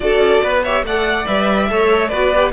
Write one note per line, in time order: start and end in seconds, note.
0.00 0.18 D4
0.00 0.60 F#4
0.00 0.43 A4
0.00 0.61 D5
0.18 0.39 C#4
0.42 0.82 B3
0.42 0.63 B4
0.63 0.87 G4
0.63 0.84 C#5
0.63 0.85 E5
0.82 1.25 A3
0.82 1.26 A4
0.82 1.71 D5
0.82 1.26 F#5
1.26 1.70 G3
1.26 1.68 B4
1.26 2.08 E5
1.69 2.11 A3
1.69 2.11 A4
1.69 2.09 C#5
2.08 2.52 B3
2.08 2.33 F#4
2.08 2.51 B4
2.08 2.50 D5
2.35 2.52 G4